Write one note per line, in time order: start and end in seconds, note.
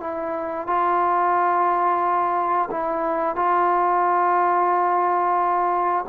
0.00 0.66 E4
0.66 2.69 F4
2.71 3.36 E4
3.36 6.05 F4